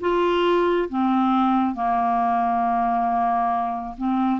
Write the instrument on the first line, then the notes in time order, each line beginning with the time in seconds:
clarinet
0.00 F4
0.89 C4
1.74 A#3
3.97 C4